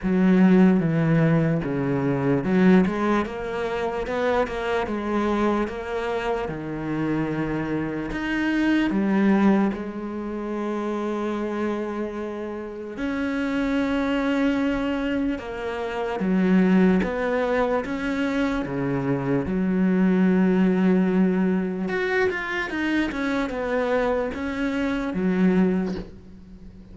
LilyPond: \new Staff \with { instrumentName = "cello" } { \time 4/4 \tempo 4 = 74 fis4 e4 cis4 fis8 gis8 | ais4 b8 ais8 gis4 ais4 | dis2 dis'4 g4 | gis1 |
cis'2. ais4 | fis4 b4 cis'4 cis4 | fis2. fis'8 f'8 | dis'8 cis'8 b4 cis'4 fis4 | }